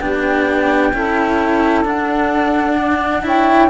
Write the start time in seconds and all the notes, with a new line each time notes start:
0.00 B3 D4 G4 G5
0.93 C#4 E4 A4
1.84 D4 F#5
2.76 D5
3.22 E4 C#5 G5